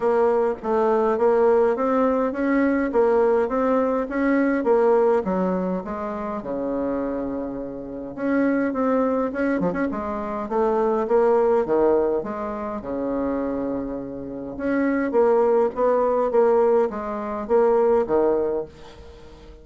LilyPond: \new Staff \with { instrumentName = "bassoon" } { \time 4/4 \tempo 4 = 103 ais4 a4 ais4 c'4 | cis'4 ais4 c'4 cis'4 | ais4 fis4 gis4 cis4~ | cis2 cis'4 c'4 |
cis'8 f16 cis'16 gis4 a4 ais4 | dis4 gis4 cis2~ | cis4 cis'4 ais4 b4 | ais4 gis4 ais4 dis4 | }